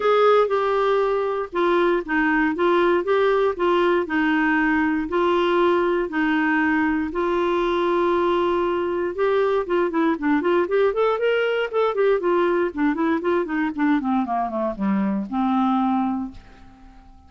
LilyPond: \new Staff \with { instrumentName = "clarinet" } { \time 4/4 \tempo 4 = 118 gis'4 g'2 f'4 | dis'4 f'4 g'4 f'4 | dis'2 f'2 | dis'2 f'2~ |
f'2 g'4 f'8 e'8 | d'8 f'8 g'8 a'8 ais'4 a'8 g'8 | f'4 d'8 e'8 f'8 dis'8 d'8 c'8 | ais8 a8 g4 c'2 | }